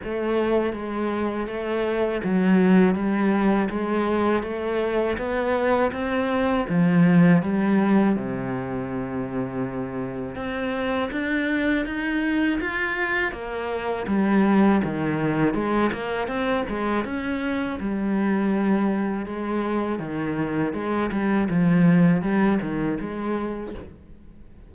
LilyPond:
\new Staff \with { instrumentName = "cello" } { \time 4/4 \tempo 4 = 81 a4 gis4 a4 fis4 | g4 gis4 a4 b4 | c'4 f4 g4 c4~ | c2 c'4 d'4 |
dis'4 f'4 ais4 g4 | dis4 gis8 ais8 c'8 gis8 cis'4 | g2 gis4 dis4 | gis8 g8 f4 g8 dis8 gis4 | }